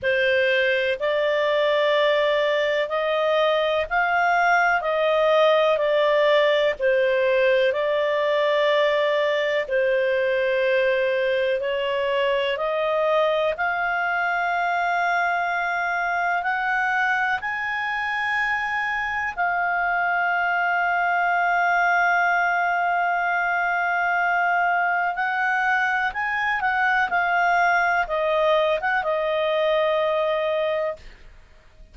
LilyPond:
\new Staff \with { instrumentName = "clarinet" } { \time 4/4 \tempo 4 = 62 c''4 d''2 dis''4 | f''4 dis''4 d''4 c''4 | d''2 c''2 | cis''4 dis''4 f''2~ |
f''4 fis''4 gis''2 | f''1~ | f''2 fis''4 gis''8 fis''8 | f''4 dis''8. fis''16 dis''2 | }